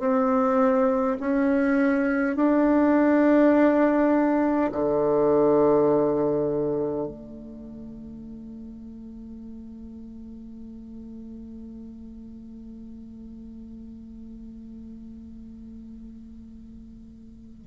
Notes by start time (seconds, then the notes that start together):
0.00 C4
1.20 C#4
2.36 D4
4.72 D3
7.07 A3